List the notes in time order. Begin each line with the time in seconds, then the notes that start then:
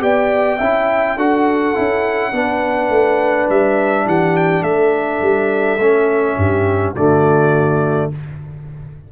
0.00 B3 G4 D5 G5
0.58 C#4 E4 E5
1.16 D4 F#4 A4 F#5
1.75 C#4 E4
2.32 B3 D4 B4
2.89 A3
3.49 G3 E5
4.06 E3 G4 F#5
4.37 G5
4.62 A3 A4 E5
5.21 G3
5.79 A3 C#4
6.37 G2 G4
6.95 D3 A3 F#4 D5